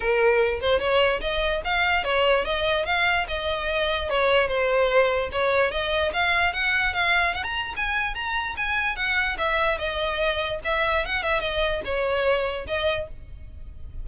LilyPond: \new Staff \with { instrumentName = "violin" } { \time 4/4 \tempo 4 = 147 ais'4. c''8 cis''4 dis''4 | f''4 cis''4 dis''4 f''4 | dis''2 cis''4 c''4~ | c''4 cis''4 dis''4 f''4 |
fis''4 f''4 fis''16 ais''8. gis''4 | ais''4 gis''4 fis''4 e''4 | dis''2 e''4 fis''8 e''8 | dis''4 cis''2 dis''4 | }